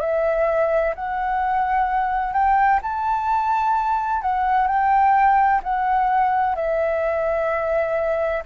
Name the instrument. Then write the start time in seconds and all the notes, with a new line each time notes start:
flute
0.00 E5
0.95 F#5
2.33 G5
2.82 A5
4.21 F#5
4.67 G5
5.63 F#5
6.55 E5